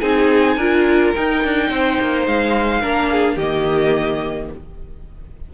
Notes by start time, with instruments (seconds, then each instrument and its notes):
0.00 cello C4, viola D#4, violin G#4 G#5
0.56 cello D4, viola F4, violin A#4
1.15 viola D#4, cello D#4, violin G5
1.44 cello D4
1.70 cello C4, violin C5
2.01 cello A#3
2.27 cello G#3, violin F5
2.81 cello A#3, viola D4, violin A#4
3.11 violin G#4
3.35 cello D#3, violin G4 D#5
3.42 viola A#3